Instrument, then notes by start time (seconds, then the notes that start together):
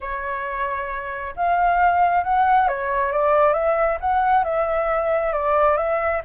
flute
0.01 C#5
1.36 F5
2.23 F#5
2.68 C#5
3.12 D5
3.53 E5
4.00 F#5
4.43 E5
5.32 D5
5.77 E5